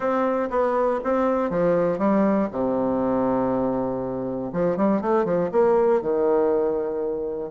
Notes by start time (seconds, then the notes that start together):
0.00 C4
0.50 B3
1.03 C4
1.50 F3
1.98 G3
2.51 C3
4.52 F3
4.76 G3
5.01 A3
5.25 F3
5.51 A#3
6.01 D#3